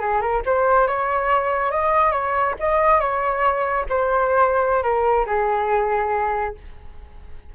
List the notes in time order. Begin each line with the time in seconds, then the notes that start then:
0.00 G#4
0.21 A#4
0.46 C5
0.88 C#5
1.72 D#5
2.12 C#5
2.60 D#5
3.00 C#5
3.90 C5
4.83 A#4
5.27 G#4